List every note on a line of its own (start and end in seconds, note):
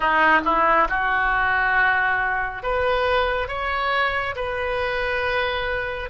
0.00 0.41 D#4
0.44 0.88 E4
0.89 2.62 F#4
2.62 3.48 B4
3.48 4.35 C#5
4.35 6.09 B4